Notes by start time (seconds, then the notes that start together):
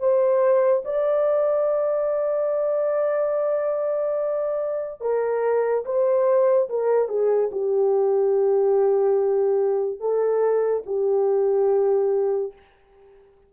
0.00 C5
0.85 D5
5.02 A#4
5.86 C5
6.70 A#4
7.09 G#4
7.52 G4
10.00 A4
10.86 G4